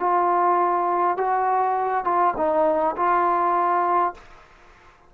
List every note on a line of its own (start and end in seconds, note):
0.00 1.17 F4
1.17 2.05 F#4
2.05 2.34 F4
2.37 2.96 D#4
2.97 4.14 F4